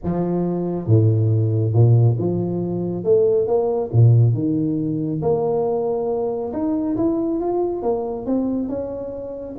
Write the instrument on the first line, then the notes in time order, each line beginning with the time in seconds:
tuba
0.03 F3
0.86 A2
1.73 A#2
2.18 F3
3.04 A3
3.47 A#3
3.92 A#2
4.34 D#3
5.22 A#3
6.53 D#4
6.97 E4
7.40 F4
7.82 A#3
8.25 C4
8.68 C#4